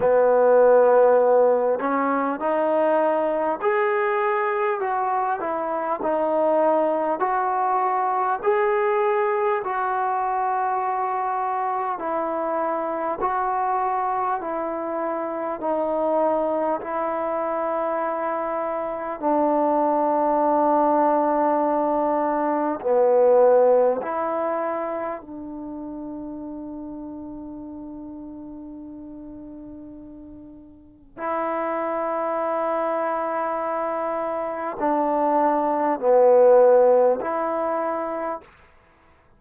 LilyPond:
\new Staff \with { instrumentName = "trombone" } { \time 4/4 \tempo 4 = 50 b4. cis'8 dis'4 gis'4 | fis'8 e'8 dis'4 fis'4 gis'4 | fis'2 e'4 fis'4 | e'4 dis'4 e'2 |
d'2. b4 | e'4 d'2.~ | d'2 e'2~ | e'4 d'4 b4 e'4 | }